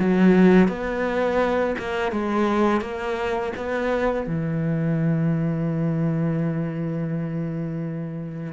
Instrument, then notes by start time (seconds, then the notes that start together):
cello
0.00 F#3
0.69 B3
1.79 A#3
2.12 G#3
2.81 A#3
3.57 B3
4.27 E3